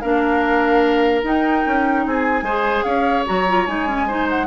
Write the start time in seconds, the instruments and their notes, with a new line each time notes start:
0.00 bassoon A#3, clarinet D4, oboe A#4, flute F5
1.23 bassoon D#4, clarinet D#4, flute G5
1.66 bassoon C#4
2.06 bassoon C4, oboe G#4, flute G#5
2.41 bassoon G#3, clarinet G#4, oboe C5
2.83 bassoon C#4, oboe C#5, flute F5
3.26 bassoon F#3, clarinet F#4, flute A#5
3.48 clarinet F4
3.66 bassoon G#3, clarinet D#4, flute G#5
3.87 clarinet C#4
4.07 clarinet D#4, oboe C5
4.29 flute F#5